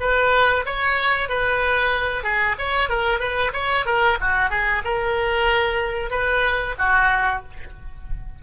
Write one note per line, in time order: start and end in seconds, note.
0.00 0.65 B4
0.65 1.29 C#5
1.29 2.23 B4
2.23 2.56 G#4
2.58 2.89 C#5
2.89 3.19 A#4
3.19 3.52 B4
3.53 3.85 C#5
3.86 4.18 A#4
4.20 4.50 F#4
4.50 4.82 G#4
4.84 6.10 A#4
6.10 6.75 B4
6.78 7.43 F#4